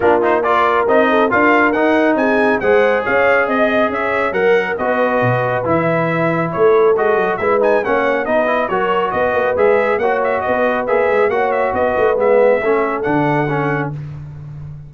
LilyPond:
<<
  \new Staff \with { instrumentName = "trumpet" } { \time 4/4 \tempo 4 = 138 ais'8 c''8 d''4 dis''4 f''4 | fis''4 gis''4 fis''4 f''4 | dis''4 e''4 fis''4 dis''4~ | dis''4 e''2 cis''4 |
dis''4 e''8 gis''8 fis''4 dis''4 | cis''4 dis''4 e''4 fis''8 e''8 | dis''4 e''4 fis''8 e''8 dis''4 | e''2 fis''2 | }
  \new Staff \with { instrumentName = "horn" } { \time 4/4 f'4 ais'4. a'8 ais'4~ | ais'4 gis'4 c''4 cis''4 | dis''4 cis''4 ais'4 b'4~ | b'2. a'4~ |
a'4 b'4 cis''4 b'4 | ais'4 b'2 cis''4 | b'2 cis''4 b'4~ | b'4 a'2. | }
  \new Staff \with { instrumentName = "trombone" } { \time 4/4 d'8 dis'8 f'4 dis'4 f'4 | dis'2 gis'2~ | gis'2 ais'4 fis'4~ | fis'4 e'2. |
fis'4 e'8 dis'8 cis'4 dis'8 e'8 | fis'2 gis'4 fis'4~ | fis'4 gis'4 fis'2 | b4 cis'4 d'4 cis'4 | }
  \new Staff \with { instrumentName = "tuba" } { \time 4/4 ais2 c'4 d'4 | dis'4 c'4 gis4 cis'4 | c'4 cis'4 fis4 b4 | b,4 e2 a4 |
gis8 fis8 gis4 ais4 b4 | fis4 b8 ais8 gis4 ais4 | b4 ais8 gis8 ais4 b8 a8 | gis4 a4 d2 | }
>>